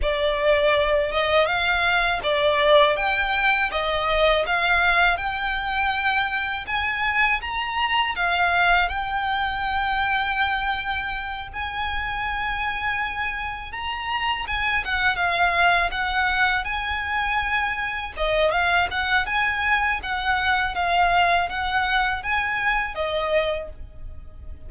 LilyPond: \new Staff \with { instrumentName = "violin" } { \time 4/4 \tempo 4 = 81 d''4. dis''8 f''4 d''4 | g''4 dis''4 f''4 g''4~ | g''4 gis''4 ais''4 f''4 | g''2.~ g''8 gis''8~ |
gis''2~ gis''8 ais''4 gis''8 | fis''8 f''4 fis''4 gis''4.~ | gis''8 dis''8 f''8 fis''8 gis''4 fis''4 | f''4 fis''4 gis''4 dis''4 | }